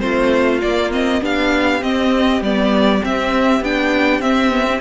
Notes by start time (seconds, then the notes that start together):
0.00 A3 C4 F4 C5
0.61 A#3 D5
0.92 C4 D#5
1.22 B3 D4 G4 F5
1.82 C4 D#5
2.41 G3 B3 D5
3.03 C4 E5
3.61 B3 D4 G5
4.20 C4 E5
4.51 B3
4.67 C4